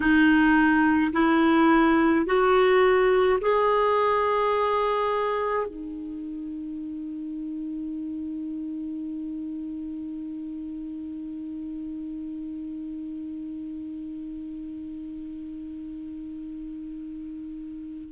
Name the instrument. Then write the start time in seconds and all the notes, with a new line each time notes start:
clarinet
0.00 D#4
1.13 E4
2.25 F#4
3.41 G#4
5.67 D#4